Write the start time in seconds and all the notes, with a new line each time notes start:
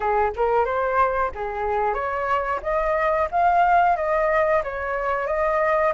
0.00 G#4
0.36 A#4
0.65 C5
1.34 G#4
1.94 C#5
2.62 D#5
3.31 F5
3.96 D#5
4.63 C#5
5.27 D#5